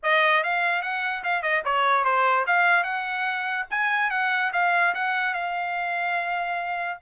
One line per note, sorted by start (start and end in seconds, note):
0.02 0.43 D#5
0.43 0.82 F5
0.82 1.23 F#5
1.23 1.42 F5
1.42 1.63 D#5
1.64 2.04 C#5
2.04 2.45 C5
2.46 2.83 F5
2.83 3.65 F#5
3.70 4.10 G#5
4.10 4.51 F#5
4.52 4.94 F5
4.94 5.34 F#5
5.34 6.98 F5